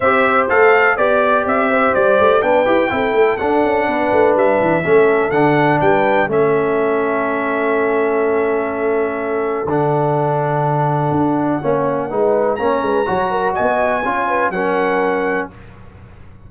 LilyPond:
<<
  \new Staff \with { instrumentName = "trumpet" } { \time 4/4 \tempo 4 = 124 e''4 f''4 d''4 e''4 | d''4 g''2 fis''4~ | fis''4 e''2 fis''4 | g''4 e''2.~ |
e''1 | fis''1~ | fis''2 ais''2 | gis''2 fis''2 | }
  \new Staff \with { instrumentName = "horn" } { \time 4/4 c''2 d''4. c''8~ | c''4 b'4 a'2 | b'2 a'2 | b'4 a'2.~ |
a'1~ | a'1 | cis''4 b'4 cis''8 b'8 cis''8 ais'8 | dis''4 cis''8 b'8 ais'2 | }
  \new Staff \with { instrumentName = "trombone" } { \time 4/4 g'4 a'4 g'2~ | g'4 d'8 g'8 e'4 d'4~ | d'2 cis'4 d'4~ | d'4 cis'2.~ |
cis'1 | d'1 | cis'4 dis'4 cis'4 fis'4~ | fis'4 f'4 cis'2 | }
  \new Staff \with { instrumentName = "tuba" } { \time 4/4 c'4 a4 b4 c'4 | g8 a8 b8 e'8 c'8 a8 d'8 cis'8 | b8 a8 g8 e8 a4 d4 | g4 a2.~ |
a1 | d2. d'4 | ais4 gis4 ais8 gis8 fis4 | b4 cis'4 fis2 | }
>>